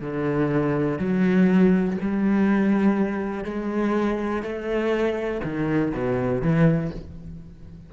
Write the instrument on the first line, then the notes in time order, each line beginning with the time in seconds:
cello
0.00 D3
0.98 F#3
2.01 G3
3.44 G#3
4.42 A3
5.43 D#3
5.93 B2
6.41 E3